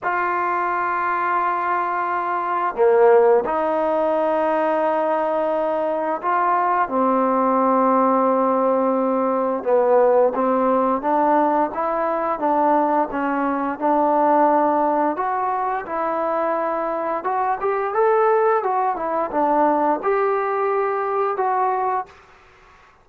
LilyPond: \new Staff \with { instrumentName = "trombone" } { \time 4/4 \tempo 4 = 87 f'1 | ais4 dis'2.~ | dis'4 f'4 c'2~ | c'2 b4 c'4 |
d'4 e'4 d'4 cis'4 | d'2 fis'4 e'4~ | e'4 fis'8 g'8 a'4 fis'8 e'8 | d'4 g'2 fis'4 | }